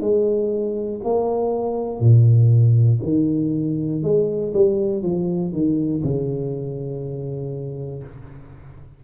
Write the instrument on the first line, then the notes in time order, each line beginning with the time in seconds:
tuba
0.00 G#3
1.04 A#3
2.00 A#2
3.03 D#3
4.03 G#3
4.53 G3
5.02 F3
5.52 D#3
6.03 C#3